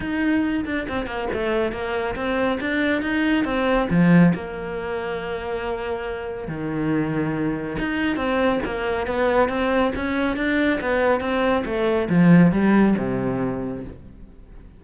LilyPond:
\new Staff \with { instrumentName = "cello" } { \time 4/4 \tempo 4 = 139 dis'4. d'8 c'8 ais8 a4 | ais4 c'4 d'4 dis'4 | c'4 f4 ais2~ | ais2. dis4~ |
dis2 dis'4 c'4 | ais4 b4 c'4 cis'4 | d'4 b4 c'4 a4 | f4 g4 c2 | }